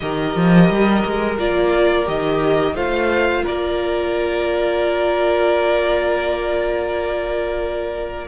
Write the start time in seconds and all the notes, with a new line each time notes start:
0.00 D#3 G4 A#4 D#5
0.35 F3
0.69 G3
1.05 G#3
1.38 A#3 F4 D5
2.05 D#3 G4 D#5
2.74 A3 F4 C5 F5
3.43 A#3 A#4 D5